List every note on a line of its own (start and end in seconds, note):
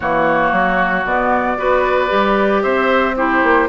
0.00 0.51 E3
0.00 1.06 A#3
0.00 1.58 F#4
0.00 1.05 C#5
0.51 1.04 F#3
1.04 1.57 B2
1.04 1.58 B3
1.04 2.62 D5
1.58 2.11 B3
1.58 2.08 F#4
1.58 2.63 B4
2.08 2.64 G3
2.08 3.13 G4
2.62 3.43 C4
2.62 3.15 C5
2.62 3.14 E5
3.16 3.69 E4
3.16 3.69 G4
3.16 3.69 C5
3.43 3.69 A#3